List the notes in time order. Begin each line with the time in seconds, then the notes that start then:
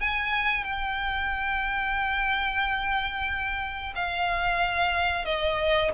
0.00 G#5
0.64 G5
3.95 F5
5.25 D#5